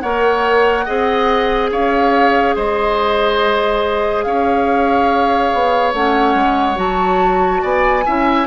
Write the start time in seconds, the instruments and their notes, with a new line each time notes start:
0.00 bassoon A#3, clarinet A#4, oboe C#5, flute F#5
0.85 bassoon C4, clarinet G#4, oboe D#5
1.71 bassoon C#4, oboe C#5, flute F5
2.55 bassoon G#3, oboe C5, flute D#5
4.23 bassoon C#4, oboe C#5, flute F5
5.53 bassoon B3
5.93 bassoon A3, clarinet C#4, flute F#5
6.35 bassoon G#3
6.75 bassoon F#3, clarinet F#4, flute A5
7.62 bassoon B3, oboe D5, flute G#5
8.06 bassoon C#4, clarinet E4, oboe E5